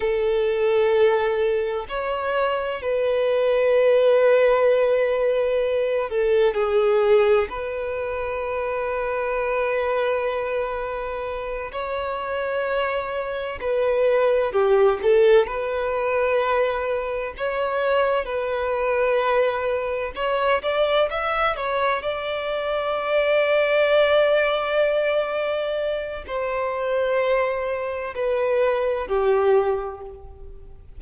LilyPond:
\new Staff \with { instrumentName = "violin" } { \time 4/4 \tempo 4 = 64 a'2 cis''4 b'4~ | b'2~ b'8 a'8 gis'4 | b'1~ | b'8 cis''2 b'4 g'8 |
a'8 b'2 cis''4 b'8~ | b'4. cis''8 d''8 e''8 cis''8 d''8~ | d''1 | c''2 b'4 g'4 | }